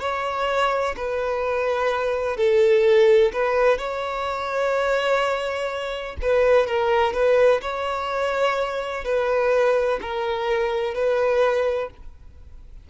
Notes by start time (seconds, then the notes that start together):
0.00 C#5
0.97 B4
2.37 A4
3.33 B4
3.78 C#5
6.22 B4
6.67 A#4
7.13 B4
7.61 C#5
9.04 B4
10.02 A#4
10.95 B4